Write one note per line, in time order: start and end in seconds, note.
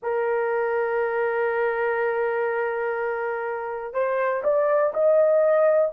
0.02 3.93 A#4
3.93 4.43 C5
4.43 4.92 D5
4.93 5.92 D#5